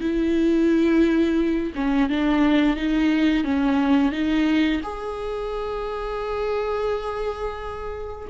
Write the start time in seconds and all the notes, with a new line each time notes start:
0.00 E4
1.75 C#4
2.09 D4
2.76 D#4
3.44 C#4
4.12 D#4
4.83 G#4